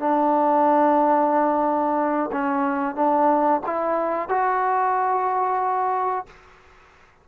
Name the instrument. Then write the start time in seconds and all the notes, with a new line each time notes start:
trombone
0.00 D4
2.33 C#4
2.96 D4
3.66 E4
4.29 F#4